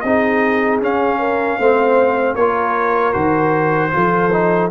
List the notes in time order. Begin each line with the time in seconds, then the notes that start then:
0.00 C4 D#4 G#4 D#5
0.82 C#4 F5
1.19 A#4
1.59 A3 C4 C5
2.35 A#3 F4 A#4 C#5
3.13 D#3 F#4 C5
3.91 F3 F4 A4
4.32 D#4